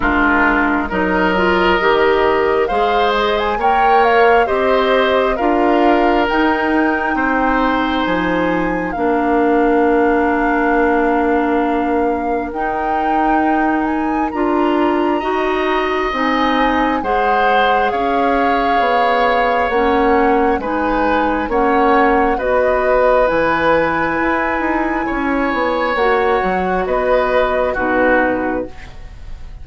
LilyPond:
<<
  \new Staff \with { instrumentName = "flute" } { \time 4/4 \tempo 4 = 67 ais'4 dis''2 f''8 dis''16 gis''16 | g''8 f''8 dis''4 f''4 g''4~ | g''4 gis''4 f''2~ | f''2 g''4. gis''8 |
ais''2 gis''4 fis''4 | f''2 fis''4 gis''4 | fis''4 dis''4 gis''2~ | gis''4 fis''4 dis''4 b'4 | }
  \new Staff \with { instrumentName = "oboe" } { \time 4/4 f'4 ais'2 c''4 | cis''4 c''4 ais'2 | c''2 ais'2~ | ais'1~ |
ais'4 dis''2 c''4 | cis''2. b'4 | cis''4 b'2. | cis''2 b'4 fis'4 | }
  \new Staff \with { instrumentName = "clarinet" } { \time 4/4 d'4 dis'8 f'8 g'4 gis'4 | ais'4 g'4 f'4 dis'4~ | dis'2 d'2~ | d'2 dis'2 |
f'4 fis'4 dis'4 gis'4~ | gis'2 cis'4 dis'4 | cis'4 fis'4 e'2~ | e'4 fis'2 dis'4 | }
  \new Staff \with { instrumentName = "bassoon" } { \time 4/4 gis4 fis4 dis4 gis4 | ais4 c'4 d'4 dis'4 | c'4 f4 ais2~ | ais2 dis'2 |
d'4 dis'4 c'4 gis4 | cis'4 b4 ais4 gis4 | ais4 b4 e4 e'8 dis'8 | cis'8 b8 ais8 fis8 b4 b,4 | }
>>